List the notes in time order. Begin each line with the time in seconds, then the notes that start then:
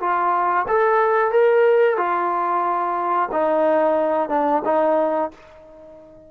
0.00 F4
0.68 A4
1.32 A#4
1.97 F4
3.32 D#4
4.29 D4
4.65 D#4